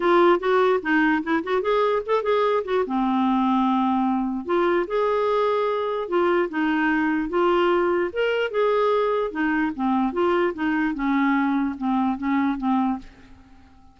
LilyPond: \new Staff \with { instrumentName = "clarinet" } { \time 4/4 \tempo 4 = 148 f'4 fis'4 dis'4 e'8 fis'8 | gis'4 a'8 gis'4 fis'8 c'4~ | c'2. f'4 | gis'2. f'4 |
dis'2 f'2 | ais'4 gis'2 dis'4 | c'4 f'4 dis'4 cis'4~ | cis'4 c'4 cis'4 c'4 | }